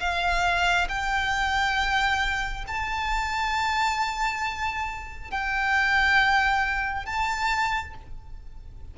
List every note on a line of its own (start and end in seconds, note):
0.00 0.88 F5
0.89 2.66 G5
2.68 5.31 A5
5.31 7.06 G5
7.06 7.95 A5